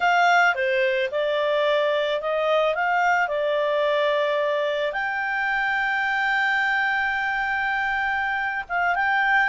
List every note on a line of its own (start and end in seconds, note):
0.00 0.55 F5
0.55 1.10 C5
1.11 2.21 D5
2.21 2.74 D#5
2.74 3.28 F5
3.28 4.92 D5
4.92 8.64 G5
8.68 8.95 F5
8.95 9.49 G5